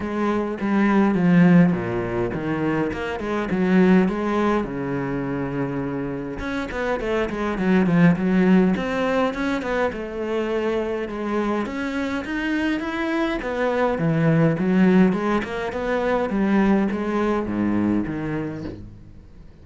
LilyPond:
\new Staff \with { instrumentName = "cello" } { \time 4/4 \tempo 4 = 103 gis4 g4 f4 ais,4 | dis4 ais8 gis8 fis4 gis4 | cis2. cis'8 b8 | a8 gis8 fis8 f8 fis4 c'4 |
cis'8 b8 a2 gis4 | cis'4 dis'4 e'4 b4 | e4 fis4 gis8 ais8 b4 | g4 gis4 gis,4 dis4 | }